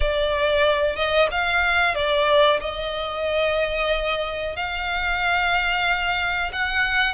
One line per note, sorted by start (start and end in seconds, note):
0.00 0.95 D5
0.95 1.28 D#5
1.31 1.94 F5
1.94 2.60 D5
2.60 4.55 D#5
4.55 6.51 F5
6.52 7.14 F#5